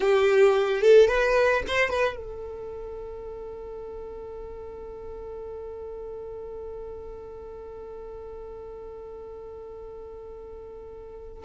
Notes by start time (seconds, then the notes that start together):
0.00 G4
0.81 A4
1.08 B4
1.67 C5
1.90 B4
2.16 A4